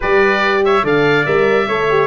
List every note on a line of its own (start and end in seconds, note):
0.00 0.83 G3
0.00 0.83 G4
0.00 0.62 B4
0.00 0.65 D5
0.65 0.84 C#5
0.65 0.86 E5
0.83 1.25 D3
0.83 1.25 A4
0.83 1.67 D5
0.83 1.25 F5
1.25 1.67 G3
1.25 1.68 A#4
1.25 2.07 E5
1.67 2.07 A3
1.67 1.89 A4
1.67 2.07 C#5
1.89 2.07 G4